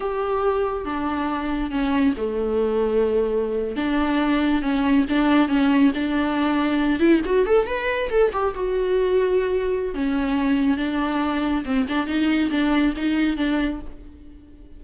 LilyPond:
\new Staff \with { instrumentName = "viola" } { \time 4/4 \tempo 4 = 139 g'2 d'2 | cis'4 a2.~ | a8. d'2 cis'4 d'16~ | d'8. cis'4 d'2~ d'16~ |
d'16 e'8 fis'8 a'8 b'4 a'8 g'8 fis'16~ | fis'2. cis'4~ | cis'4 d'2 c'8 d'8 | dis'4 d'4 dis'4 d'4 | }